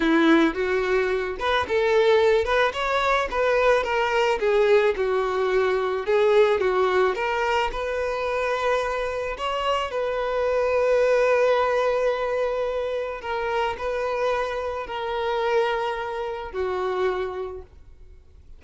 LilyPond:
\new Staff \with { instrumentName = "violin" } { \time 4/4 \tempo 4 = 109 e'4 fis'4. b'8 a'4~ | a'8 b'8 cis''4 b'4 ais'4 | gis'4 fis'2 gis'4 | fis'4 ais'4 b'2~ |
b'4 cis''4 b'2~ | b'1 | ais'4 b'2 ais'4~ | ais'2 fis'2 | }